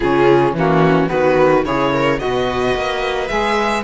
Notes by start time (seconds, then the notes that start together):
0.00 C#3 C#4 F4 G#4
0.53 E3 A#3 C#4 F#4
1.07 D#3 B3 F#4 B4
1.63 C#3 E4 G#4 C#5
1.93 A#4
2.17 F#4 B4 D#5
2.23 B2
2.75 A#3
3.28 G#3 G#4 E5